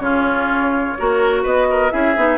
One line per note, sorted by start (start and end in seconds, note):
0.00 0.95 C#3
0.00 0.96 C#4
0.00 0.99 F4
0.00 1.43 C#5
0.98 1.45 A#3
0.98 1.91 F#4
0.98 1.43 A#4
1.43 1.92 B3
1.43 1.67 B4
1.43 1.91 D#5
1.71 1.93 A#4
1.91 2.17 C#4
1.91 2.15 E4
1.91 2.38 G#4
1.91 2.38 E5
2.17 2.38 B3
2.17 2.38 D#4